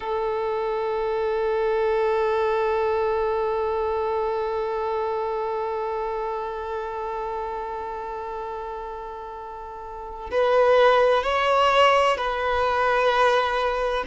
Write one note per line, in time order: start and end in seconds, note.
0.00 10.30 A4
10.30 11.23 B4
11.23 12.17 C#5
12.17 14.04 B4